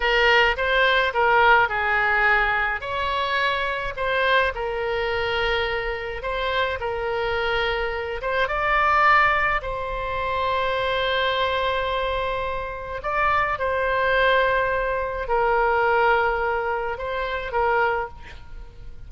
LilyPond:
\new Staff \with { instrumentName = "oboe" } { \time 4/4 \tempo 4 = 106 ais'4 c''4 ais'4 gis'4~ | gis'4 cis''2 c''4 | ais'2. c''4 | ais'2~ ais'8 c''8 d''4~ |
d''4 c''2.~ | c''2. d''4 | c''2. ais'4~ | ais'2 c''4 ais'4 | }